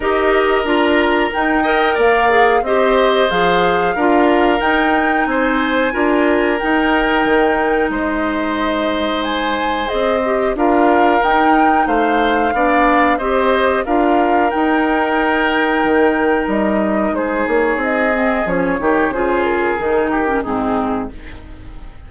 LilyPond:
<<
  \new Staff \with { instrumentName = "flute" } { \time 4/4 \tempo 4 = 91 dis''4 ais''4 g''4 f''4 | dis''4 f''2 g''4 | gis''2 g''2 | dis''2 gis''4 dis''4 |
f''4 g''4 f''2 | dis''4 f''4 g''2~ | g''4 dis''4 c''8 cis''8 dis''4 | cis''4 c''8 ais'4. gis'4 | }
  \new Staff \with { instrumentName = "oboe" } { \time 4/4 ais'2~ ais'8 dis''8 d''4 | c''2 ais'2 | c''4 ais'2. | c''1 |
ais'2 c''4 d''4 | c''4 ais'2.~ | ais'2 gis'2~ | gis'8 g'8 gis'4. g'8 dis'4 | }
  \new Staff \with { instrumentName = "clarinet" } { \time 4/4 g'4 f'4 dis'8 ais'4 gis'8 | g'4 gis'4 f'4 dis'4~ | dis'4 f'4 dis'2~ | dis'2. gis'8 g'8 |
f'4 dis'2 d'4 | g'4 f'4 dis'2~ | dis'2.~ dis'8 c'8 | cis'8 dis'8 f'4 dis'8. cis'16 c'4 | }
  \new Staff \with { instrumentName = "bassoon" } { \time 4/4 dis'4 d'4 dis'4 ais4 | c'4 f4 d'4 dis'4 | c'4 d'4 dis'4 dis4 | gis2. c'4 |
d'4 dis'4 a4 b4 | c'4 d'4 dis'2 | dis4 g4 gis8 ais8 c'4 | f8 dis8 cis4 dis4 gis,4 | }
>>